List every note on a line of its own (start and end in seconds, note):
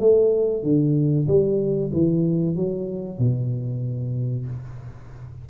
0.00 0.63 A3
0.63 1.27 D3
1.28 1.91 G3
1.93 2.56 E3
2.56 3.19 F#3
3.19 4.47 B2